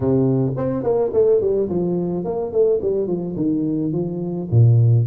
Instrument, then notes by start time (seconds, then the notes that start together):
tuba
0.00 C3
0.57 C4
0.83 A#3
1.13 A3
1.40 G3
1.69 F3
2.24 A#3
2.51 A3
2.81 G3
3.07 F3
3.36 D#3
3.92 F3
4.50 A#2